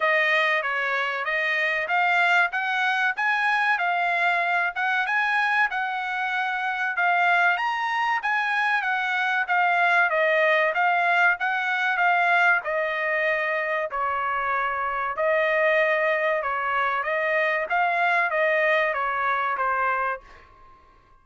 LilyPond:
\new Staff \with { instrumentName = "trumpet" } { \time 4/4 \tempo 4 = 95 dis''4 cis''4 dis''4 f''4 | fis''4 gis''4 f''4. fis''8 | gis''4 fis''2 f''4 | ais''4 gis''4 fis''4 f''4 |
dis''4 f''4 fis''4 f''4 | dis''2 cis''2 | dis''2 cis''4 dis''4 | f''4 dis''4 cis''4 c''4 | }